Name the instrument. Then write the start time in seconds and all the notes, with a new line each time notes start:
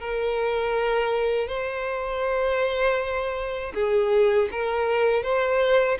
violin
0.00 A#4
1.48 C5
3.74 G#4
4.51 A#4
5.22 C5